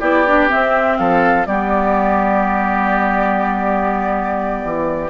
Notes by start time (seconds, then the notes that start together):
0.00 B3 E4 G4 D5
0.27 D4
0.49 C4 E5
0.97 F3 A4 F5
1.46 G3 B3 G4 D5
4.65 E3